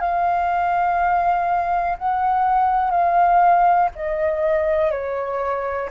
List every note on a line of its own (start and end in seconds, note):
0.00 1.97 F5
1.98 2.91 F#5
2.91 3.89 F5
3.96 4.91 D#5
4.91 5.89 C#5